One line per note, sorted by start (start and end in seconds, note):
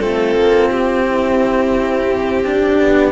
0.00 0.36 A3
0.00 2.45 C4
0.00 1.05 F4
0.00 0.70 A4
0.36 0.70 A#3
0.70 2.80 C4
0.70 3.12 G4
1.05 2.44 E4
2.44 3.12 D4
2.44 3.12 G4
2.80 3.12 B3